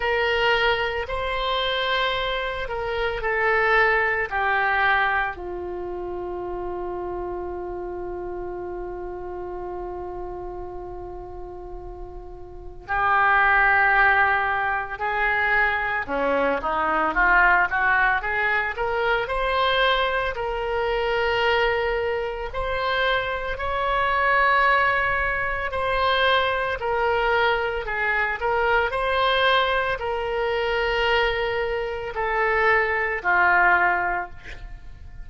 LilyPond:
\new Staff \with { instrumentName = "oboe" } { \time 4/4 \tempo 4 = 56 ais'4 c''4. ais'8 a'4 | g'4 f'2.~ | f'1 | g'2 gis'4 cis'8 dis'8 |
f'8 fis'8 gis'8 ais'8 c''4 ais'4~ | ais'4 c''4 cis''2 | c''4 ais'4 gis'8 ais'8 c''4 | ais'2 a'4 f'4 | }